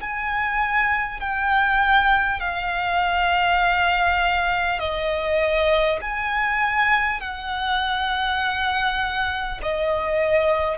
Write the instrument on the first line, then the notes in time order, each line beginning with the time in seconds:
violin
0.00 G#5
1.20 G5
2.39 F5
4.79 D#5
6.01 G#5
7.20 F#5
9.62 D#5